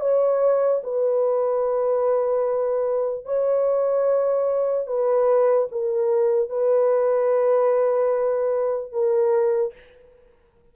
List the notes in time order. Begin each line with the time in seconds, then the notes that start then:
0.00 C#5
0.83 B4
3.25 C#5
4.86 B4
5.71 A#4
6.49 B4
8.92 A#4